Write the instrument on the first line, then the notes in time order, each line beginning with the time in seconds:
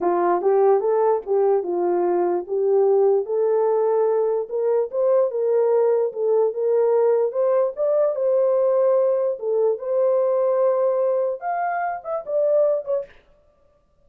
horn
0.01 F4
0.41 G4
0.80 A4
1.26 G4
1.63 F4
2.47 G4
3.25 A4
4.49 A#4
4.91 C5
5.31 A#4
6.12 A4
6.53 A#4
7.32 C5
7.76 D5
8.15 C5
9.39 A4
9.78 C5
11.40 F5
12.04 E5
12.26 D5
12.84 C#5